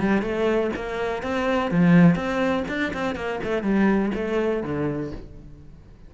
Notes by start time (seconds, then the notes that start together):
0.00 G3
0.22 A3
0.76 A#3
1.23 C4
1.71 F3
2.15 C4
2.68 D4
2.93 C4
3.15 A#3
3.44 A3
3.63 G3
4.15 A3
4.63 D3